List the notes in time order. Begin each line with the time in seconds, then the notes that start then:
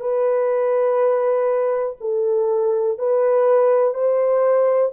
0.00 B4
2.01 A4
2.98 B4
3.94 C5